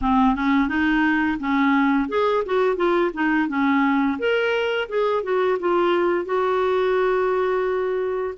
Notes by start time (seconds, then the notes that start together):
0.01 C4
0.35 C#4
0.68 D#4
1.39 C#4
2.09 G#4
2.45 F#4
2.76 F4
3.13 D#4
3.48 C#4
4.18 A#4
4.88 G#4
5.23 F#4
5.59 F4
6.25 F#4